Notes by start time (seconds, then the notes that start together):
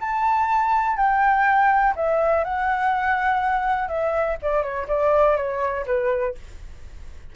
0.00 A5
0.96 G5
1.96 E5
2.44 F#5
3.88 E5
4.42 D5
4.62 C#5
4.88 D5
5.36 C#5
5.86 B4